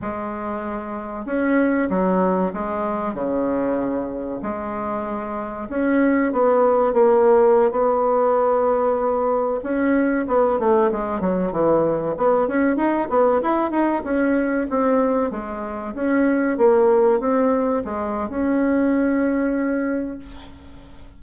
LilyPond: \new Staff \with { instrumentName = "bassoon" } { \time 4/4 \tempo 4 = 95 gis2 cis'4 fis4 | gis4 cis2 gis4~ | gis4 cis'4 b4 ais4~ | ais16 b2. cis'8.~ |
cis'16 b8 a8 gis8 fis8 e4 b8 cis'16~ | cis'16 dis'8 b8 e'8 dis'8 cis'4 c'8.~ | c'16 gis4 cis'4 ais4 c'8.~ | c'16 gis8. cis'2. | }